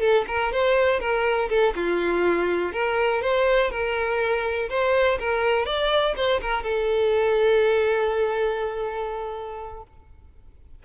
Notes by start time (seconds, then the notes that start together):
0.00 A4
0.27 A#4
0.52 C5
1.00 A#4
1.49 A4
1.75 F4
2.72 A#4
3.21 C5
3.70 A#4
4.69 C5
5.19 A#4
5.66 D5
6.16 C5
6.41 A#4
6.63 A4